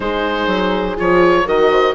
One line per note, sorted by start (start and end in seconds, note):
0.00 0.47 G#3
0.00 0.96 D#4
0.00 1.45 G#4
0.00 0.97 C5
0.47 0.95 F#3
0.96 1.46 F3
0.96 1.45 F4
0.96 1.48 C#5
1.45 1.94 D#3
1.45 1.94 F#4
1.45 1.69 A#4
1.45 1.94 D#5
1.70 1.94 C5